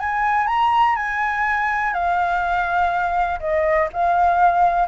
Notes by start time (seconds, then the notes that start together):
0.00 G#5
0.47 A#5
0.96 G#5
1.94 F5
3.40 D#5
3.94 F5